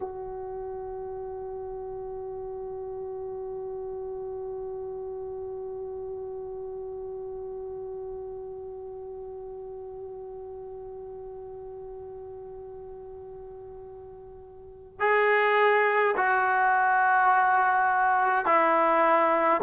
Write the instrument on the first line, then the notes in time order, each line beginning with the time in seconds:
trombone
0.00 F#4
14.99 G#4
16.16 F#4
18.45 E4